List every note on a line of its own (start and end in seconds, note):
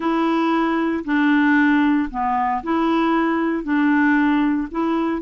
0.00 1.04 E4
1.05 2.09 D4
2.10 2.62 B3
2.63 3.63 E4
3.63 4.67 D4
4.71 5.22 E4